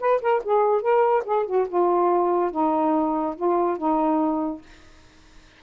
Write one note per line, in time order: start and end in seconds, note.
0.00 0.21 B4
0.22 0.43 A#4
0.44 0.82 G#4
0.82 1.24 A#4
1.25 1.46 G#4
1.46 1.67 F#4
1.68 2.51 F4
2.51 3.35 D#4
3.36 3.77 F4
3.77 4.61 D#4